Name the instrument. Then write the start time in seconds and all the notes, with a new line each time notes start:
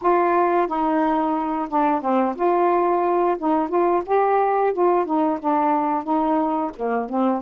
saxophone
0.01 F4
0.67 D#4
1.69 D4
2.01 C4
2.35 F4
3.38 D#4
3.69 F4
4.05 G4
4.73 F4
5.05 D#4
5.39 D4
6.03 D#4
6.76 A#3
7.09 C4